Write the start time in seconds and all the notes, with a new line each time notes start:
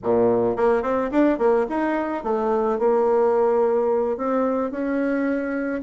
0.03 A#2
0.56 A#3
0.82 C4
1.11 D4
1.38 A#3
1.69 D#4
2.23 A3
2.79 A#3
4.17 C4
4.71 C#4